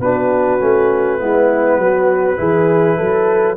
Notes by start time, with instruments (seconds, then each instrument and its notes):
0.00 tuba B3, trombone D4, horn F#4, trumpet B4
0.59 tuba A3, trombone C#4
1.19 tuba G#3, trombone B3, horn E4
1.78 tuba F#3, horn F#4
2.37 tuba E3, trombone E4, horn G#4
2.98 tuba F#3, horn A4